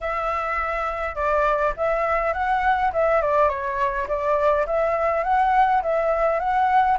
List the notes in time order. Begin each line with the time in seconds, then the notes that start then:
0.00 E5
1.15 D5
1.76 E5
2.33 F#5
2.93 E5
3.21 D5
3.48 C#5
4.08 D5
4.66 E5
5.23 F#5
5.82 E5
6.39 F#5